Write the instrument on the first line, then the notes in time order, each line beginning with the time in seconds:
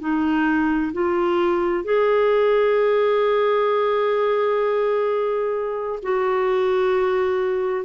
clarinet
0.00 D#4
0.93 F4
1.84 G#4
6.03 F#4